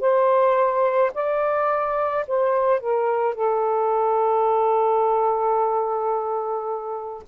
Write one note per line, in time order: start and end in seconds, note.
0.00 1.11 C5
1.14 2.25 D5
2.27 2.80 C5
2.80 3.34 A#4
3.34 7.23 A4